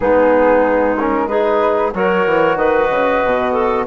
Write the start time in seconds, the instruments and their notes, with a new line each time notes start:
0.00 bassoon G#3, trombone B3, clarinet D#4, flute G#4
0.97 trombone C#4, flute A#4
1.27 trombone D#4, clarinet G#4, flute B4
1.94 bassoon F#3, trombone F#4, clarinet A#4, flute C#5
2.26 bassoon E3
2.56 bassoon D#3, clarinet B4, flute D#5
2.90 bassoon C#3
3.24 bassoon B2
3.52 clarinet A4